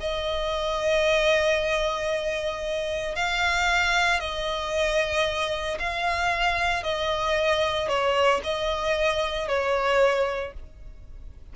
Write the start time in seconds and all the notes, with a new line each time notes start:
0.00 D#5
3.16 F5
4.20 D#5
5.79 F5
6.83 D#5
7.88 C#5
8.44 D#5
9.48 C#5